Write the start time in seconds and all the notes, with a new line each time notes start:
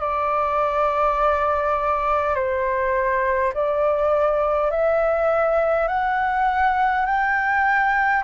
0.00 D5
2.35 C5
3.53 D5
4.71 E5
5.88 F#5
7.06 G5